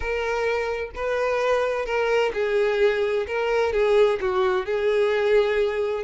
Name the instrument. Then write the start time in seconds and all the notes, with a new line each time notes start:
violin
0.00 A#4
0.95 B4
1.85 A#4
2.33 G#4
3.27 A#4
3.73 G#4
4.20 F#4
4.65 G#4